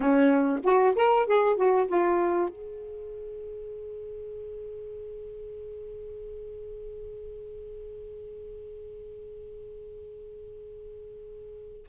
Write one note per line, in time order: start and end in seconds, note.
0.00 0.59 C#4
0.63 0.94 F#4
0.95 1.26 A#4
1.26 1.56 G#4
1.56 1.87 F#4
1.88 2.49 F4
2.49 11.86 G#4